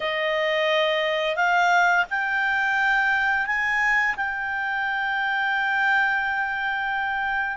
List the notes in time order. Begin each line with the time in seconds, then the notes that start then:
0.00 D#5
1.36 F5
2.09 G5
3.46 G#5
4.16 G5